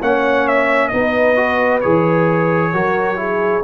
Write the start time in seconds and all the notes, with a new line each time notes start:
0.00 A#3 C#4 C#5 F#5
0.47 E5
0.87 B3 D#4 B4 D#5
1.36 F#4
1.80 E3 G#4 C#5
2.72 F#3 F#4 A#4
3.16 E4 G#4